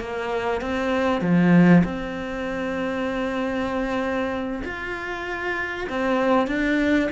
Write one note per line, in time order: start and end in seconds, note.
0.00 0.61 A#3
0.61 1.21 C4
1.21 1.83 F3
1.84 4.62 C4
4.64 5.88 F4
5.89 6.47 C4
6.47 7.09 D4